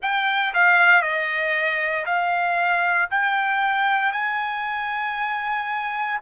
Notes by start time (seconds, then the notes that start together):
0.01 G5
0.54 F5
1.02 D#5
2.05 F5
3.10 G5
4.12 G#5